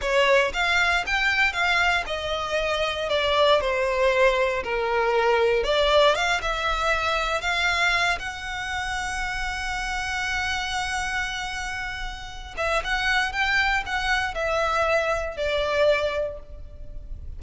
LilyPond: \new Staff \with { instrumentName = "violin" } { \time 4/4 \tempo 4 = 117 cis''4 f''4 g''4 f''4 | dis''2 d''4 c''4~ | c''4 ais'2 d''4 | f''8 e''2 f''4. |
fis''1~ | fis''1~ | fis''8 e''8 fis''4 g''4 fis''4 | e''2 d''2 | }